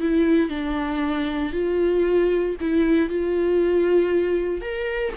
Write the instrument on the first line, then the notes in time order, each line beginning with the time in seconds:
viola
0.00 E4
0.49 D4
1.52 F4
2.60 E4
3.09 F4
4.61 A#4